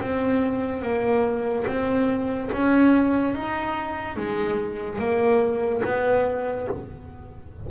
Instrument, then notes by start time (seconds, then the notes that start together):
double bass
0.00 C4
0.81 A#3
1.66 C4
2.52 C#4
3.34 D#4
4.16 G#3
4.98 A#3
5.84 B3